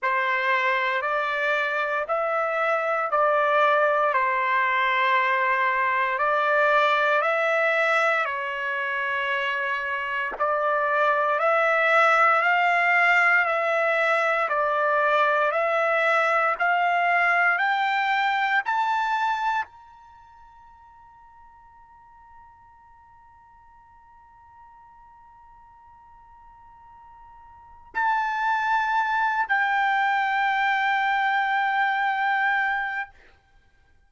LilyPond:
\new Staff \with { instrumentName = "trumpet" } { \time 4/4 \tempo 4 = 58 c''4 d''4 e''4 d''4 | c''2 d''4 e''4 | cis''2 d''4 e''4 | f''4 e''4 d''4 e''4 |
f''4 g''4 a''4 ais''4~ | ais''1~ | ais''2. a''4~ | a''8 g''2.~ g''8 | }